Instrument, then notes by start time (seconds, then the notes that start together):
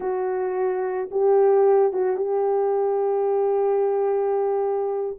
horn
0.00 F#4
1.11 G4
1.92 F#4
2.16 G4